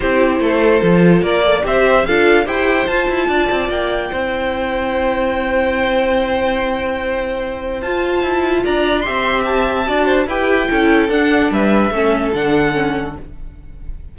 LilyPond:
<<
  \new Staff \with { instrumentName = "violin" } { \time 4/4 \tempo 4 = 146 c''2. d''4 | e''4 f''4 g''4 a''4~ | a''4 g''2.~ | g''1~ |
g''2. a''4~ | a''4 ais''4 c'''4 a''4~ | a''4 g''2 fis''4 | e''2 fis''2 | }
  \new Staff \with { instrumentName = "violin" } { \time 4/4 g'4 a'2 ais'8 d''8 | c''4 a'4 c''2 | d''2 c''2~ | c''1~ |
c''1~ | c''4 d''4 e''2 | d''8 c''8 b'4 a'2 | b'4 a'2. | }
  \new Staff \with { instrumentName = "viola" } { \time 4/4 e'2 f'4. a'8 | g'4 f'4 g'4 f'4~ | f'2 e'2~ | e'1~ |
e'2. f'4~ | f'2 g'2 | fis'4 g'4 e'4 d'4~ | d'4 cis'4 d'4 cis'4 | }
  \new Staff \with { instrumentName = "cello" } { \time 4/4 c'4 a4 f4 ais4 | c'4 d'4 e'4 f'8 e'8 | d'8 c'8 ais4 c'2~ | c'1~ |
c'2. f'4 | e'4 d'4 c'2 | d'4 e'4 cis'4 d'4 | g4 a4 d2 | }
>>